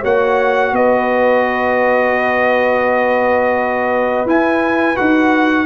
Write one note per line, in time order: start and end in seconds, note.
0.00 0.72 A#3
0.00 4.26 F#4
0.00 0.71 C#5
0.00 0.75 F#5
0.72 4.25 B3
0.72 5.66 B4
0.72 4.28 D#5
4.26 4.96 E4
4.26 4.95 E4
4.26 4.96 G#5
4.95 5.66 D#4
4.95 5.66 F#4
4.95 5.66 F#5